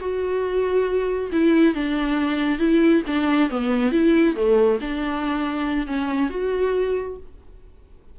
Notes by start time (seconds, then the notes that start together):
0.00 F#4
1.32 E4
1.74 D4
2.59 E4
3.07 D4
3.50 B3
3.92 E4
4.36 A3
4.81 D4
5.87 C#4
6.30 F#4